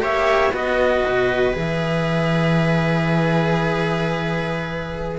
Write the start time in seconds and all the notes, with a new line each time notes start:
0.00 A#3 G4 C#5 E5
0.52 B3 F#4 B4 D#5
1.07 B2
1.53 E3 G#4 E5